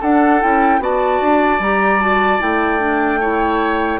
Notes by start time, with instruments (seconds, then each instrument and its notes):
0.00 clarinet D4, bassoon D4, oboe A4, flute F#5
0.40 bassoon C#4, clarinet E4, flute G5
0.79 bassoon B3, clarinet F#4, oboe D5, flute A5
1.22 bassoon D4
1.59 bassoon G3, clarinet G4, flute A#5
2.00 clarinet F#4, flute A5
2.39 bassoon A3, clarinet E4, flute G5
2.79 clarinet D4
3.20 clarinet E4, oboe C#5